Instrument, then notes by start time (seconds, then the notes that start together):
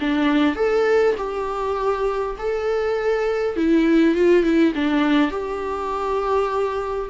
viola
0.00 D4
0.56 A4
1.17 G4
2.38 A4
3.56 E4
4.15 F4
4.43 E4
4.75 D4
5.31 G4